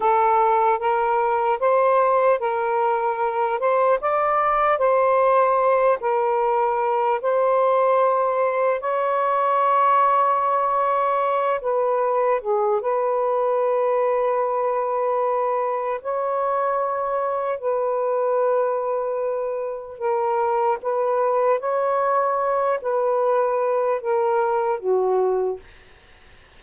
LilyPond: \new Staff \with { instrumentName = "saxophone" } { \time 4/4 \tempo 4 = 75 a'4 ais'4 c''4 ais'4~ | ais'8 c''8 d''4 c''4. ais'8~ | ais'4 c''2 cis''4~ | cis''2~ cis''8 b'4 gis'8 |
b'1 | cis''2 b'2~ | b'4 ais'4 b'4 cis''4~ | cis''8 b'4. ais'4 fis'4 | }